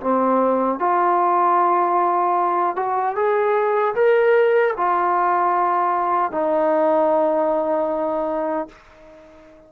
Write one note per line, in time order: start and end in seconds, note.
0.00 0.79 C4
0.79 2.76 F4
2.76 3.15 F#4
3.15 3.94 G#4
3.95 4.74 A#4
4.77 6.31 F4
6.31 8.68 D#4